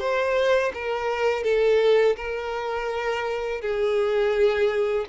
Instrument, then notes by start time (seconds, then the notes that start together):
violin
0.00 C5
0.74 A#4
1.44 A4
2.17 A#4
3.61 G#4